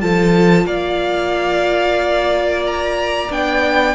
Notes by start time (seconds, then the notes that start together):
0.00 F3 F4 A4 A5
0.65 A#3 D5 F5
2.66 A#5
3.30 B3 D4 G5